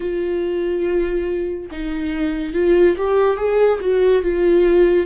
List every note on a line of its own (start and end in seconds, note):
0.00 1.69 F4
1.71 2.54 D#4
2.54 2.96 F4
2.97 3.36 G4
3.36 3.79 G#4
3.80 4.22 F#4
4.22 5.06 F4